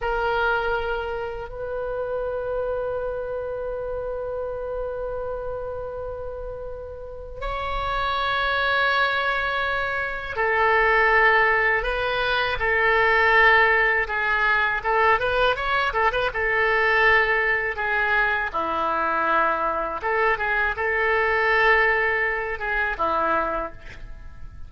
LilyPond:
\new Staff \with { instrumentName = "oboe" } { \time 4/4 \tempo 4 = 81 ais'2 b'2~ | b'1~ | b'2 cis''2~ | cis''2 a'2 |
b'4 a'2 gis'4 | a'8 b'8 cis''8 a'16 b'16 a'2 | gis'4 e'2 a'8 gis'8 | a'2~ a'8 gis'8 e'4 | }